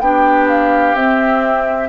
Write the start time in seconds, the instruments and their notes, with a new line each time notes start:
0.00 bassoon B3, clarinet D4, oboe G4, flute G5
0.48 flute F5
0.94 bassoon C4, clarinet C4, flute E5